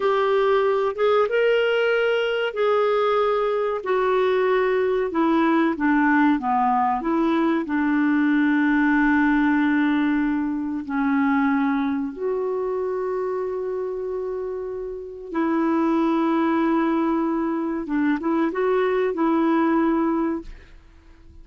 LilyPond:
\new Staff \with { instrumentName = "clarinet" } { \time 4/4 \tempo 4 = 94 g'4. gis'8 ais'2 | gis'2 fis'2 | e'4 d'4 b4 e'4 | d'1~ |
d'4 cis'2 fis'4~ | fis'1 | e'1 | d'8 e'8 fis'4 e'2 | }